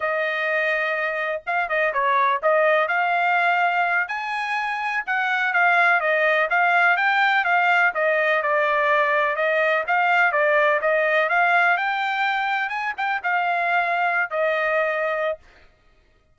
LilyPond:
\new Staff \with { instrumentName = "trumpet" } { \time 4/4 \tempo 4 = 125 dis''2. f''8 dis''8 | cis''4 dis''4 f''2~ | f''8 gis''2 fis''4 f''8~ | f''8 dis''4 f''4 g''4 f''8~ |
f''8 dis''4 d''2 dis''8~ | dis''8 f''4 d''4 dis''4 f''8~ | f''8 g''2 gis''8 g''8 f''8~ | f''4.~ f''16 dis''2~ dis''16 | }